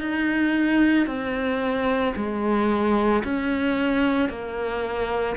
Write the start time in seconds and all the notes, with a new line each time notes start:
0.00 D#4
1.07 C4
2.16 G#3
3.24 C#4
4.29 A#3